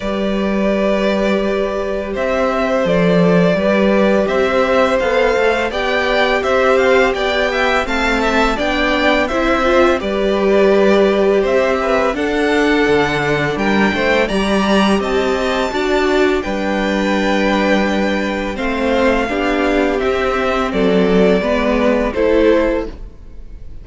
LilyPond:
<<
  \new Staff \with { instrumentName = "violin" } { \time 4/4 \tempo 4 = 84 d''2. e''4 | d''2 e''4 f''4 | g''4 e''8 f''8 g''4 a''4 | g''4 e''4 d''2 |
e''4 fis''2 g''4 | ais''4 a''2 g''4~ | g''2 f''2 | e''4 d''2 c''4 | }
  \new Staff \with { instrumentName = "violin" } { \time 4/4 b'2. c''4~ | c''4 b'4 c''2 | d''4 c''4 d''8 e''8 f''8 e''8 | d''4 c''4 b'2 |
c''8 b'8 a'2 ais'8 c''8 | d''4 dis''4 d''4 b'4~ | b'2 c''4 g'4~ | g'4 a'4 b'4 a'4 | }
  \new Staff \with { instrumentName = "viola" } { \time 4/4 g'1 | a'4 g'2 a'4 | g'2. c'4 | d'4 e'8 f'8 g'2~ |
g'4 d'2. | g'2 fis'4 d'4~ | d'2 c'4 d'4 | c'2 b4 e'4 | }
  \new Staff \with { instrumentName = "cello" } { \time 4/4 g2. c'4 | f4 g4 c'4 b8 a8 | b4 c'4 b4 a4 | b4 c'4 g2 |
c'4 d'4 d4 g8 a8 | g4 c'4 d'4 g4~ | g2 a4 b4 | c'4 fis4 gis4 a4 | }
>>